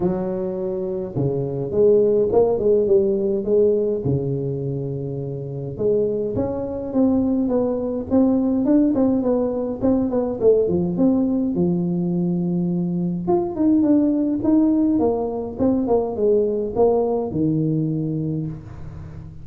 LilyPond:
\new Staff \with { instrumentName = "tuba" } { \time 4/4 \tempo 4 = 104 fis2 cis4 gis4 | ais8 gis8 g4 gis4 cis4~ | cis2 gis4 cis'4 | c'4 b4 c'4 d'8 c'8 |
b4 c'8 b8 a8 f8 c'4 | f2. f'8 dis'8 | d'4 dis'4 ais4 c'8 ais8 | gis4 ais4 dis2 | }